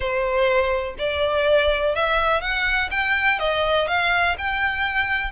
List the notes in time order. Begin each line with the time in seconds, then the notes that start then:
0.00 C5
0.98 D5
1.95 E5
2.41 F#5
2.90 G5
3.39 D#5
3.87 F5
4.38 G5